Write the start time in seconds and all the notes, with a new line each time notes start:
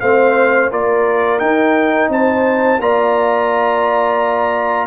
0.00 A3 C4 C5 F5
0.70 A#3 F4 A#4 D5
1.38 D#4 G5
2.09 C4 C5 A5
2.80 A#3 F4 D5 A#5